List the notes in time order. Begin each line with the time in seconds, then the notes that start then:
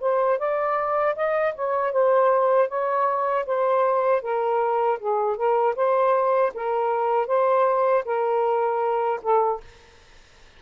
0.00 C5
0.38 D5
1.15 D#5
1.55 C#5
1.92 C5
2.68 C#5
3.45 C5
4.22 A#4
4.99 G#4
5.36 A#4
5.76 C5
6.54 A#4
7.27 C5
8.05 A#4
9.22 A4